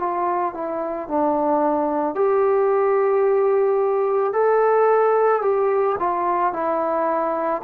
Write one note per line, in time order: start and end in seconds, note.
0.00 0.55 F4
0.55 1.09 E4
1.09 2.15 D4
2.15 4.33 G4
4.33 5.42 A4
5.42 5.97 G4
6.00 6.54 F4
6.54 7.63 E4